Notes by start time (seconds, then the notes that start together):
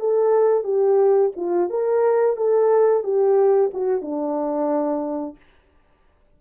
0.00 A4
0.64 G4
1.36 F4
1.70 A#4
2.37 A4
3.04 G4
3.74 F#4
4.02 D4